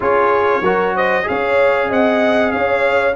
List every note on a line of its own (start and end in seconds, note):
0.00 0.60 C#4
0.00 0.62 F4
0.00 0.62 G#4
0.00 0.96 C#5
0.60 1.24 F#3
0.60 1.23 F#4
0.60 0.94 A#4
0.95 1.26 C5
0.95 1.27 D#5
1.23 1.89 C#4
1.23 3.12 G#4
1.23 1.88 C#5
1.23 1.91 F5
1.88 2.52 C4
1.88 2.52 D#5
1.88 2.51 F#5
2.51 3.15 C#4
2.51 3.15 C#5
2.51 3.14 F5